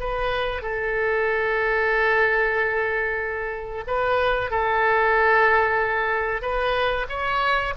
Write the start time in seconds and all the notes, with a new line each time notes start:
0.00 B4
0.62 A4
3.87 B4
4.51 A4
6.42 B4
7.09 C#5